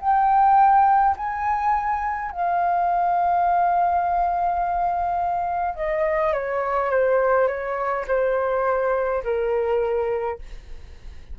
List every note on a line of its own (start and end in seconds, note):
0.00 1.15 G5
1.16 2.31 G#5
2.31 5.75 F5
5.75 6.33 D#5
6.33 6.90 C#5
6.90 7.47 C5
7.47 8.05 C#5
8.07 9.23 C5
9.23 10.38 A#4